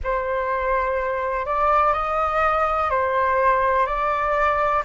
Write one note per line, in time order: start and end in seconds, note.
0.03 1.45 C5
1.45 1.93 D5
1.93 2.89 D#5
2.90 3.86 C5
3.86 4.83 D5